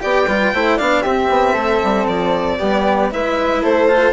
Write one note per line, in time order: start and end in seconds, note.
0.00 0.27 B3
0.00 0.26 G4
0.00 0.28 D5
0.00 0.79 G5
0.27 0.53 G3
0.27 0.55 F4
0.27 0.54 B4
0.54 0.80 A3
0.54 0.80 E4
0.54 0.77 C5
0.77 1.04 B3
0.77 1.05 D4
0.77 1.02 D5
0.77 1.03 F5
1.02 1.29 C4
1.02 2.59 C4
1.02 1.53 G4
1.02 2.06 E5
1.29 1.55 B3
1.53 1.80 A3
1.53 2.57 A4
1.84 2.07 G3
2.07 2.59 F3
2.07 3.11 D5
2.59 3.12 G3
2.59 3.11 B3
2.59 3.10 G4
3.11 3.64 G#3
3.11 3.88 E4
3.11 3.62 B4
3.11 3.64 E5
3.62 4.13 A3
3.62 4.13 A4
3.62 4.13 C5
3.88 4.13 F4